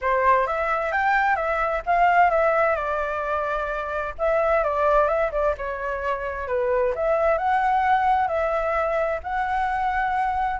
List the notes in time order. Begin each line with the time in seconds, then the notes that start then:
0.01 C5
0.47 E5
0.92 G5
1.36 E5
1.86 F5
2.30 E5
2.75 D5
4.18 E5
4.63 D5
5.07 E5
5.31 D5
5.57 C#5
6.47 B4
6.95 E5
7.38 F#5
8.27 E5
9.23 F#5